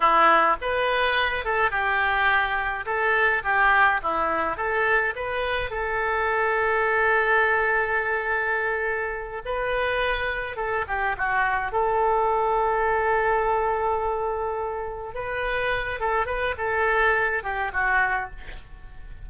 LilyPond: \new Staff \with { instrumentName = "oboe" } { \time 4/4 \tempo 4 = 105 e'4 b'4. a'8 g'4~ | g'4 a'4 g'4 e'4 | a'4 b'4 a'2~ | a'1~ |
a'8 b'2 a'8 g'8 fis'8~ | fis'8 a'2.~ a'8~ | a'2~ a'8 b'4. | a'8 b'8 a'4. g'8 fis'4 | }